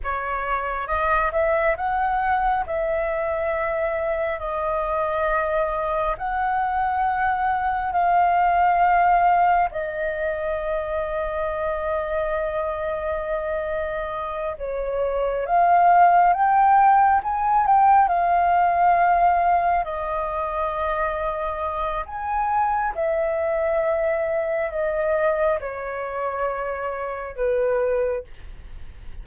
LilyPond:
\new Staff \with { instrumentName = "flute" } { \time 4/4 \tempo 4 = 68 cis''4 dis''8 e''8 fis''4 e''4~ | e''4 dis''2 fis''4~ | fis''4 f''2 dis''4~ | dis''1~ |
dis''8 cis''4 f''4 g''4 gis''8 | g''8 f''2 dis''4.~ | dis''4 gis''4 e''2 | dis''4 cis''2 b'4 | }